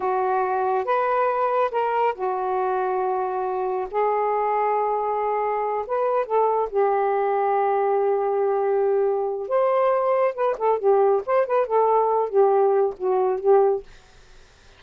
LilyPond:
\new Staff \with { instrumentName = "saxophone" } { \time 4/4 \tempo 4 = 139 fis'2 b'2 | ais'4 fis'2.~ | fis'4 gis'2.~ | gis'4. b'4 a'4 g'8~ |
g'1~ | g'2 c''2 | b'8 a'8 g'4 c''8 b'8 a'4~ | a'8 g'4. fis'4 g'4 | }